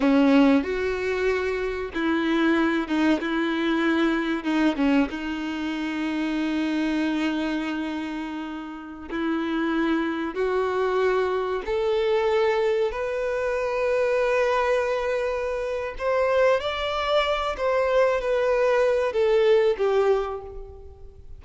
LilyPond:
\new Staff \with { instrumentName = "violin" } { \time 4/4 \tempo 4 = 94 cis'4 fis'2 e'4~ | e'8 dis'8 e'2 dis'8 cis'8 | dis'1~ | dis'2~ dis'16 e'4.~ e'16~ |
e'16 fis'2 a'4.~ a'16~ | a'16 b'2.~ b'8.~ | b'4 c''4 d''4. c''8~ | c''8 b'4. a'4 g'4 | }